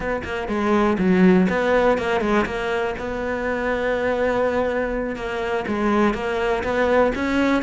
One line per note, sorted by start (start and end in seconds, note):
0.00 0.22 B3
0.23 0.48 A#3
0.48 0.97 G#3
0.98 1.47 F#3
1.49 1.97 B3
1.97 2.20 A#3
2.20 2.45 G#3
2.45 2.94 A#3
2.98 5.15 B3
5.15 5.65 A#3
5.67 6.14 G#3
6.14 6.63 A#3
6.63 7.12 B3
7.15 7.62 C#4